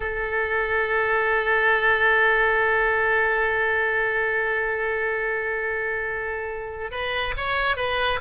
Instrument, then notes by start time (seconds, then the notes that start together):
oboe
0.00 A4
6.91 B4
7.37 C#5
7.76 B4